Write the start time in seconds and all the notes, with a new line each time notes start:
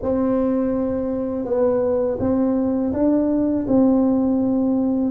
0.02 C4
1.45 B3
2.19 C4
2.93 D4
3.67 C4